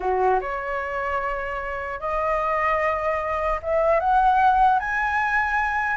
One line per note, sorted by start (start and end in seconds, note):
0.00 0.40 F#4
0.40 2.00 C#5
2.00 3.60 D#5
3.62 3.99 E5
3.99 4.79 F#5
4.79 5.96 G#5